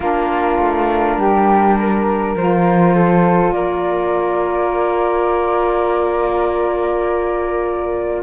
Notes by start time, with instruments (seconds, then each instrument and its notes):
0.00 cello A#3, saxophone D4, flute F4 A#4
0.58 cello A3
1.16 cello G3, flute G4
1.80 flute A#4
2.34 cello F3, saxophone F4, flute C5
2.95 flute A4
3.51 cello A#3, flute A#4 D5